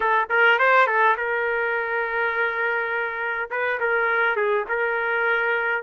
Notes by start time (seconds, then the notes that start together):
0.00 A4
0.29 A#4
0.58 C5
0.86 A4
1.17 A#4
3.50 B4
3.80 A#4
4.35 G#4
4.68 A#4